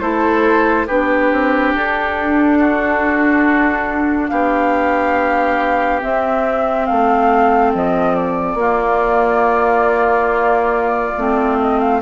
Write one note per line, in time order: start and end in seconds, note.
0.00 0.86 A3
0.00 0.86 E4
0.00 0.87 A4
0.00 0.86 C5
0.87 1.32 B3
0.87 6.00 D4
0.87 2.58 G4
0.87 1.73 B4
1.32 1.74 C4
1.74 4.31 D4
1.74 4.28 A4
2.59 4.30 F#4
4.28 6.02 B3
4.28 6.87 G4
4.28 6.00 F5
6.00 8.57 C4
6.00 6.89 C4
6.00 6.85 E5
6.85 7.74 A3
6.85 8.57 A4
6.85 7.71 F5
7.74 8.54 F3
7.74 8.15 D#5
8.15 11.58 D5
8.54 11.11 A#3
8.54 11.16 A#3
8.54 12.00 F4
11.17 12.02 A3
11.17 12.02 C4
11.60 11.79 D#5
11.79 12.00 F5